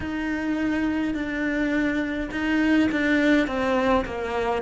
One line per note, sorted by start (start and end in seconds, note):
0.00 1.14 D#4
1.14 2.29 D4
2.31 2.88 D#4
2.92 3.47 D4
3.47 4.04 C4
4.05 4.62 A#3